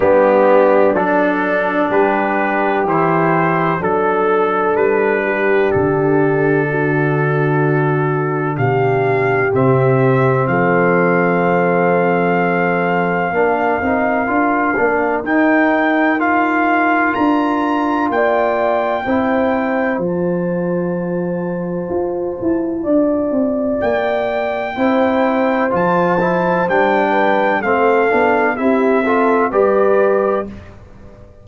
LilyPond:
<<
  \new Staff \with { instrumentName = "trumpet" } { \time 4/4 \tempo 4 = 63 g'4 a'4 b'4 c''4 | a'4 b'4 a'2~ | a'4 f''4 e''4 f''4~ | f''1 |
g''4 f''4 ais''4 g''4~ | g''4 a''2.~ | a''4 g''2 a''4 | g''4 f''4 e''4 d''4 | }
  \new Staff \with { instrumentName = "horn" } { \time 4/4 d'2 g'2 | a'4. g'4. fis'4~ | fis'4 g'2 a'4~ | a'2 ais'2~ |
ais'2. d''4 | c''1 | d''2 c''2~ | c''8 b'8 a'4 g'8 a'8 b'4 | }
  \new Staff \with { instrumentName = "trombone" } { \time 4/4 b4 d'2 e'4 | d'1~ | d'2 c'2~ | c'2 d'8 dis'8 f'8 d'8 |
dis'4 f'2. | e'4 f'2.~ | f'2 e'4 f'8 e'8 | d'4 c'8 d'8 e'8 f'8 g'4 | }
  \new Staff \with { instrumentName = "tuba" } { \time 4/4 g4 fis4 g4 e4 | fis4 g4 d2~ | d4 b,4 c4 f4~ | f2 ais8 c'8 d'8 ais8 |
dis'2 d'4 ais4 | c'4 f2 f'8 e'8 | d'8 c'8 ais4 c'4 f4 | g4 a8 b8 c'4 g4 | }
>>